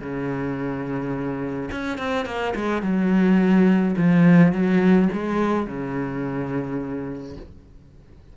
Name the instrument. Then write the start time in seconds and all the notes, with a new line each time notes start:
cello
0.00 C#3
1.71 C#4
1.98 C4
2.25 A#3
2.55 G#3
2.82 F#3
3.97 F3
4.52 F#3
5.13 G#3
5.67 C#3